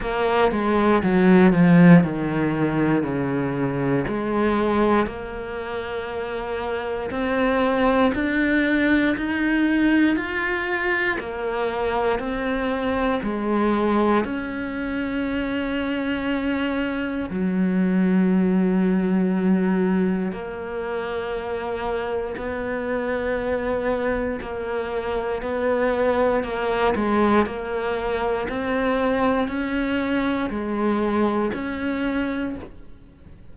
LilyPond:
\new Staff \with { instrumentName = "cello" } { \time 4/4 \tempo 4 = 59 ais8 gis8 fis8 f8 dis4 cis4 | gis4 ais2 c'4 | d'4 dis'4 f'4 ais4 | c'4 gis4 cis'2~ |
cis'4 fis2. | ais2 b2 | ais4 b4 ais8 gis8 ais4 | c'4 cis'4 gis4 cis'4 | }